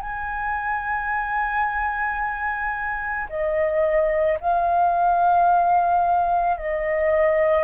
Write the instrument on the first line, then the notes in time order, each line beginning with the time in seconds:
flute
0.00 G#5
3.29 D#5
4.40 F5
6.57 D#5